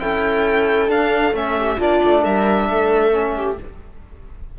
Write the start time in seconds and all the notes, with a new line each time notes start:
0.00 C#4 E4 A4 G5
0.88 D4 F5
1.32 A3 C#4 E5
1.58 G4
1.78 A#3 D4 F4 D5
2.04 A3
2.22 G3 A#4 E5
2.69 A3 A4
3.12 C#4
3.37 G4